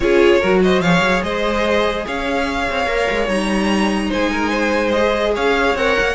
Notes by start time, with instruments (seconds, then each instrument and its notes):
0.00 cello C#4, viola F4, violin G#4 C#5
0.40 cello F#3, viola F#4, violin A#4
0.62 violin C5 D#5
0.79 cello F3, viola G#4, violin C#5 F5
1.00 cello F#3
1.23 cello G#3, violin C5 D#5
2.06 cello C#4, violin C#5 F5
2.70 cello C4
2.86 cello A#3, viola A#4
3.10 cello G#3
3.27 cello G3, viola D#4, violin A#5
4.09 cello G#3, violin C5 G#5
4.32 violin A#4
4.49 violin C5
4.91 viola G#4, violin D#5
5.34 cello C#4, violin C#5 F5
5.75 cello C4, viola A#4, violin F#5
5.99 cello A#3